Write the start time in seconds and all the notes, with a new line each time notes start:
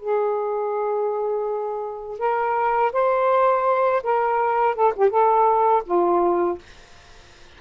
0.00 G#4
2.19 A#4
2.93 C5
4.04 A#4
4.75 A4
4.96 G4
5.11 A4
5.85 F4